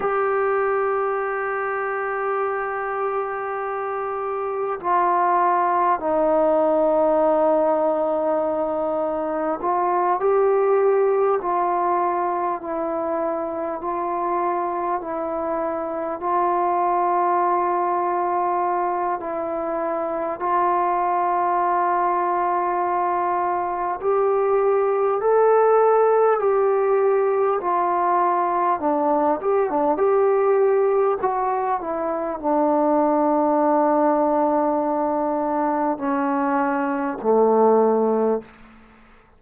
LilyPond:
\new Staff \with { instrumentName = "trombone" } { \time 4/4 \tempo 4 = 50 g'1 | f'4 dis'2. | f'8 g'4 f'4 e'4 f'8~ | f'8 e'4 f'2~ f'8 |
e'4 f'2. | g'4 a'4 g'4 f'4 | d'8 g'16 d'16 g'4 fis'8 e'8 d'4~ | d'2 cis'4 a4 | }